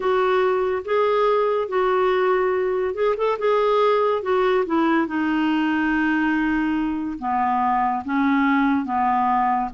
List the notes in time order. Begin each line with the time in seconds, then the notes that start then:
0.00 F#4
0.85 G#4
1.68 F#4
2.94 G#4
3.17 A4
3.38 G#4
4.22 F#4
4.66 E4
5.07 D#4
7.18 B3
8.04 C#4
8.85 B3